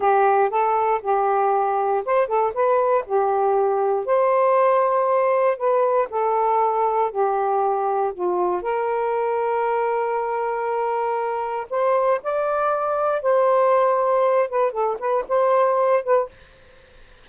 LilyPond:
\new Staff \with { instrumentName = "saxophone" } { \time 4/4 \tempo 4 = 118 g'4 a'4 g'2 | c''8 a'8 b'4 g'2 | c''2. b'4 | a'2 g'2 |
f'4 ais'2.~ | ais'2. c''4 | d''2 c''2~ | c''8 b'8 a'8 b'8 c''4. b'8 | }